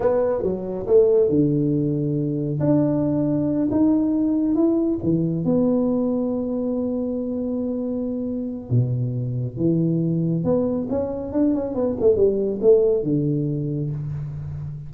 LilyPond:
\new Staff \with { instrumentName = "tuba" } { \time 4/4 \tempo 4 = 138 b4 fis4 a4 d4~ | d2 d'2~ | d'8 dis'2 e'4 e8~ | e8 b2.~ b8~ |
b1 | b,2 e2 | b4 cis'4 d'8 cis'8 b8 a8 | g4 a4 d2 | }